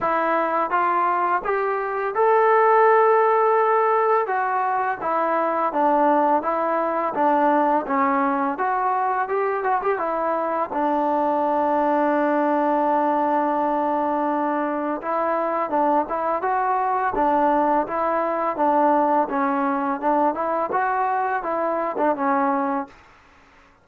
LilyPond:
\new Staff \with { instrumentName = "trombone" } { \time 4/4 \tempo 4 = 84 e'4 f'4 g'4 a'4~ | a'2 fis'4 e'4 | d'4 e'4 d'4 cis'4 | fis'4 g'8 fis'16 g'16 e'4 d'4~ |
d'1~ | d'4 e'4 d'8 e'8 fis'4 | d'4 e'4 d'4 cis'4 | d'8 e'8 fis'4 e'8. d'16 cis'4 | }